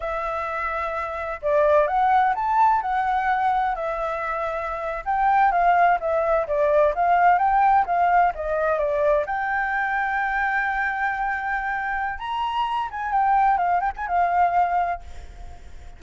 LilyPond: \new Staff \with { instrumentName = "flute" } { \time 4/4 \tempo 4 = 128 e''2. d''4 | fis''4 a''4 fis''2 | e''2~ e''8. g''4 f''16~ | f''8. e''4 d''4 f''4 g''16~ |
g''8. f''4 dis''4 d''4 g''16~ | g''1~ | g''2 ais''4. gis''8 | g''4 f''8 g''16 gis''16 f''2 | }